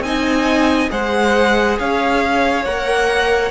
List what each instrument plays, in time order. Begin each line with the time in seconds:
0.00 cello C4, viola D#4, violin D#5 G#5
0.89 cello G#3, viola G#4, violin C5 F#5
1.79 cello C#4, violin C#5 F5
2.64 cello A#3, viola A#4, violin F#5